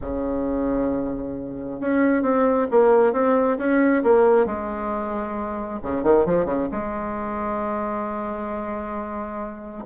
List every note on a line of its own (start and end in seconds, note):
0.01 1.80 C#3
1.80 2.22 C#4
2.22 2.67 C4
2.70 3.12 A#3
3.12 3.57 C4
3.58 4.02 C#4
4.03 4.46 A#3
4.46 5.80 G#3
5.82 6.03 C#3
6.03 6.25 D#3
6.25 6.45 F3
6.45 6.67 C#3
6.71 9.85 G#3